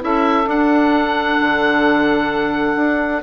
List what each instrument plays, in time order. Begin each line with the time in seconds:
0.00 bassoon C#4, clarinet E4, saxophone A4, oboe E5
0.44 clarinet D4, bassoon D4, oboe F#5
1.41 bassoon D3
2.76 bassoon D4